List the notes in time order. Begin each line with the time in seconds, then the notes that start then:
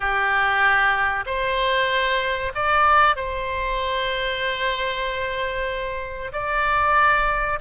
0.00 G4
1.25 C5
2.54 D5
3.16 C5
6.32 D5